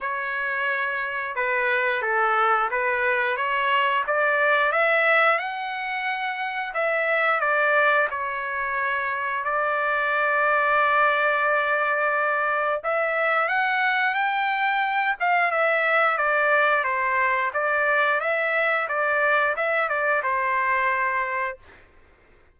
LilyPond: \new Staff \with { instrumentName = "trumpet" } { \time 4/4 \tempo 4 = 89 cis''2 b'4 a'4 | b'4 cis''4 d''4 e''4 | fis''2 e''4 d''4 | cis''2 d''2~ |
d''2. e''4 | fis''4 g''4. f''8 e''4 | d''4 c''4 d''4 e''4 | d''4 e''8 d''8 c''2 | }